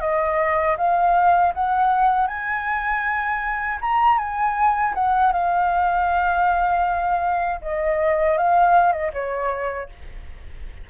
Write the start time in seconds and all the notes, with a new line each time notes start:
0.00 D#5
0.77 F5
1.54 F#5
2.27 G#5
3.81 A#5
4.18 G#5
4.94 F#5
5.32 F5
7.61 D#5
8.37 F5
8.92 D#5
9.13 C#5